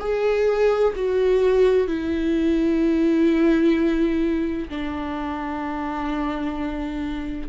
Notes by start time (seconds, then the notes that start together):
0.00 G#4
0.96 F#4
1.87 E4
4.69 D4